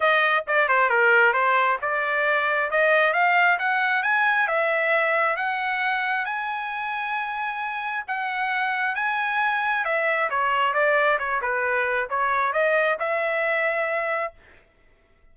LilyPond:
\new Staff \with { instrumentName = "trumpet" } { \time 4/4 \tempo 4 = 134 dis''4 d''8 c''8 ais'4 c''4 | d''2 dis''4 f''4 | fis''4 gis''4 e''2 | fis''2 gis''2~ |
gis''2 fis''2 | gis''2 e''4 cis''4 | d''4 cis''8 b'4. cis''4 | dis''4 e''2. | }